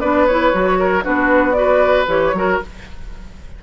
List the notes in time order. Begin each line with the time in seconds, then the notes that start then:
0.00 B3 D4 B4 D5
0.27 E4 C#5
0.53 F#3 F#4
0.79 A#4
1.03 B3 D4 F#4 B4
1.53 F#4 B4 D5
2.07 E3 G4 C#5
2.33 F#3 F#4 A#4